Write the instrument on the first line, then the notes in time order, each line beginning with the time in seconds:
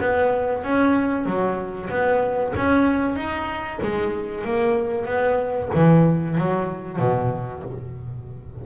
double bass
0.00 B3
0.63 C#4
1.25 F#3
1.89 B3
2.56 C#4
3.15 D#4
3.82 G#3
4.44 A#3
5.05 B3
5.74 E3
6.37 F#3
6.99 B2